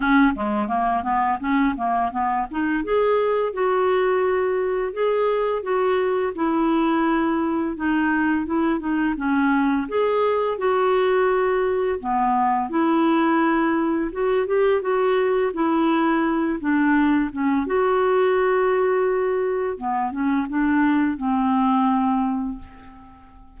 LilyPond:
\new Staff \with { instrumentName = "clarinet" } { \time 4/4 \tempo 4 = 85 cis'8 gis8 ais8 b8 cis'8 ais8 b8 dis'8 | gis'4 fis'2 gis'4 | fis'4 e'2 dis'4 | e'8 dis'8 cis'4 gis'4 fis'4~ |
fis'4 b4 e'2 | fis'8 g'8 fis'4 e'4. d'8~ | d'8 cis'8 fis'2. | b8 cis'8 d'4 c'2 | }